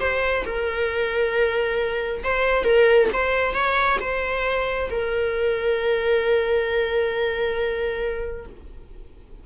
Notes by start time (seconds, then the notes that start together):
0.00 C5
0.45 A#4
2.23 C5
2.64 A#4
3.13 C5
3.54 C#5
4.01 C5
4.91 A#4